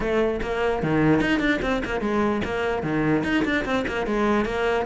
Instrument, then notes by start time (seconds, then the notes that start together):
cello
0.00 A3
0.42 A#3
0.83 D#3
1.21 D#4
1.39 D4
1.62 C4
1.84 A#3
2.00 G#3
2.44 A#3
2.82 D#3
3.23 D#4
3.44 D4
3.65 C4
3.87 A#3
4.06 G#3
4.45 A#3